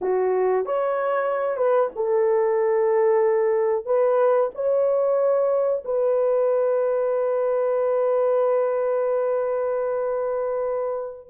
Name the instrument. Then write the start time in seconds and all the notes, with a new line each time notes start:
horn
0.01 F#4
0.65 C#5
1.57 B4
1.95 A4
3.85 B4
4.54 C#5
5.84 B4